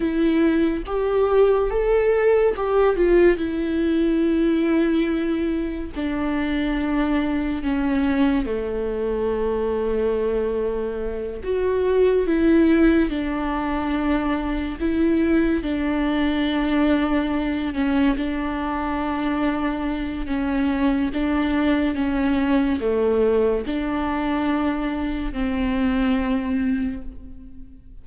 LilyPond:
\new Staff \with { instrumentName = "viola" } { \time 4/4 \tempo 4 = 71 e'4 g'4 a'4 g'8 f'8 | e'2. d'4~ | d'4 cis'4 a2~ | a4. fis'4 e'4 d'8~ |
d'4. e'4 d'4.~ | d'4 cis'8 d'2~ d'8 | cis'4 d'4 cis'4 a4 | d'2 c'2 | }